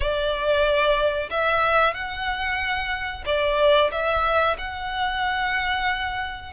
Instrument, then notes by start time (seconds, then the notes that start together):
violin
0.00 D5
1.30 E5
1.94 F#5
3.25 D5
3.91 E5
4.58 F#5